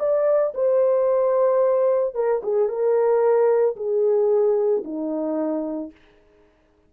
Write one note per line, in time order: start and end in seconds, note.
0.00 0.54 D5
0.55 2.15 C5
2.15 2.42 A#4
2.44 2.69 G#4
2.69 3.76 A#4
3.76 4.84 G#4
4.85 5.92 D#4